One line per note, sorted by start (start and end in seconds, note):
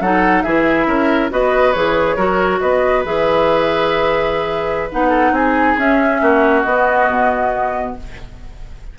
0.00 0.43 F#3
0.00 0.47 D#4
0.00 0.44 A4
0.00 0.43 F#5
0.43 0.87 E3
0.43 1.31 E4
0.43 0.87 G#4
0.43 1.30 E5
0.87 1.30 C#4
0.87 1.31 A#4
1.31 1.75 B3
1.31 1.74 F#4
1.31 2.16 B4
1.31 1.73 D#5
1.73 2.17 E3
1.73 2.18 G#4
1.73 2.60 C#5
2.16 2.60 F#3
2.16 3.05 F#4
2.16 2.60 A#4
2.60 3.05 B3
2.60 5.09 B4
2.60 3.04 D#5
3.05 4.90 E3
3.05 4.90 G#4
3.05 4.90 E5
4.92 5.32 B3
4.92 5.78 D#4
4.92 5.35 F#5
5.09 5.31 A4
5.32 5.75 C4
5.32 6.22 G#4
5.32 5.78 G#5
5.78 6.21 C#4
5.78 6.65 C#4
5.78 6.63 E5
6.21 6.65 A#3
6.21 7.96 F#4
6.63 7.08 B3
6.63 7.99 B3
6.63 7.93 D#5
7.09 7.95 B2